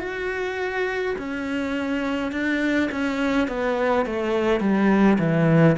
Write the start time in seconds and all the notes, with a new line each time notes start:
0.00 F#4
1.18 C#4
2.32 D4
2.91 C#4
3.48 B3
4.05 A3
4.60 G3
5.19 E3